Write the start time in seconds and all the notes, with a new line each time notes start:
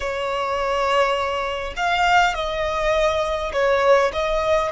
0.00 C#5
1.76 F5
2.34 D#5
3.53 C#5
4.12 D#5